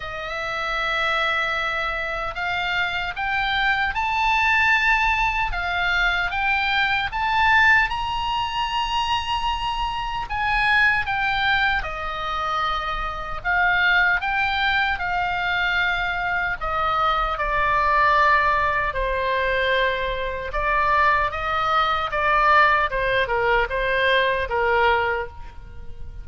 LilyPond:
\new Staff \with { instrumentName = "oboe" } { \time 4/4 \tempo 4 = 76 e''2. f''4 | g''4 a''2 f''4 | g''4 a''4 ais''2~ | ais''4 gis''4 g''4 dis''4~ |
dis''4 f''4 g''4 f''4~ | f''4 dis''4 d''2 | c''2 d''4 dis''4 | d''4 c''8 ais'8 c''4 ais'4 | }